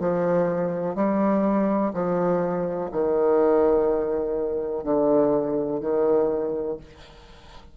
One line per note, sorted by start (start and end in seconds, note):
0.00 0.95 F3
0.95 1.92 G3
1.94 2.90 F3
2.92 4.84 D#3
4.84 5.81 D3
5.81 6.77 D#3